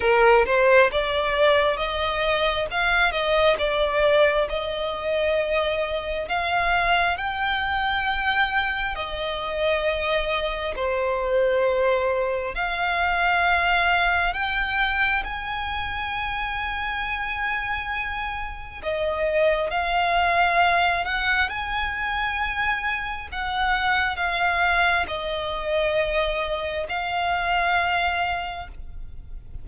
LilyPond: \new Staff \with { instrumentName = "violin" } { \time 4/4 \tempo 4 = 67 ais'8 c''8 d''4 dis''4 f''8 dis''8 | d''4 dis''2 f''4 | g''2 dis''2 | c''2 f''2 |
g''4 gis''2.~ | gis''4 dis''4 f''4. fis''8 | gis''2 fis''4 f''4 | dis''2 f''2 | }